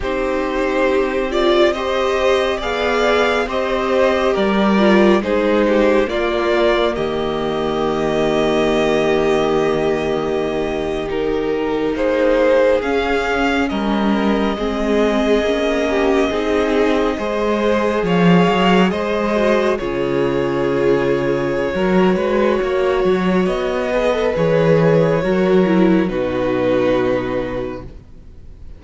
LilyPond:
<<
  \new Staff \with { instrumentName = "violin" } { \time 4/4 \tempo 4 = 69 c''4. d''8 dis''4 f''4 | dis''4 d''4 c''4 d''4 | dis''1~ | dis''8. ais'4 c''4 f''4 dis''16~ |
dis''1~ | dis''8. f''4 dis''4 cis''4~ cis''16~ | cis''2. dis''4 | cis''2 b'2 | }
  \new Staff \with { instrumentName = "violin" } { \time 4/4 g'2 c''4 d''4 | c''4 ais'4 gis'8 g'8 f'4 | g'1~ | g'4.~ g'16 gis'2 ais'16~ |
ais'8. gis'4. g'8 gis'4 c''16~ | c''8. cis''4 c''4 gis'4~ gis'16~ | gis'4 ais'8 b'8 cis''4. b'8~ | b'4 ais'4 fis'2 | }
  \new Staff \with { instrumentName = "viola" } { \time 4/4 dis'4. f'8 g'4 gis'4 | g'4. f'8 dis'4 ais4~ | ais1~ | ais8. dis'2 cis'4~ cis'16~ |
cis'8. c'4 cis'4 dis'4 gis'16~ | gis'2~ gis'16 fis'8 f'4~ f'16~ | f'4 fis'2~ fis'8 gis'16 a'16 | gis'4 fis'8 e'8 dis'2 | }
  \new Staff \with { instrumentName = "cello" } { \time 4/4 c'2. b4 | c'4 g4 gis4 ais4 | dis1~ | dis4.~ dis16 ais4 cis'4 g16~ |
g8. gis4 ais4 c'4 gis16~ | gis8. f8 fis8 gis4 cis4~ cis16~ | cis4 fis8 gis8 ais8 fis8 b4 | e4 fis4 b,2 | }
>>